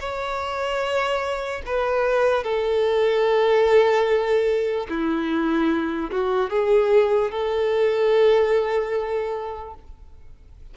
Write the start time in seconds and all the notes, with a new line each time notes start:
0.00 C#5
1.66 B4
2.44 A4
4.89 E4
6.11 F#4
6.50 G#4
7.31 A4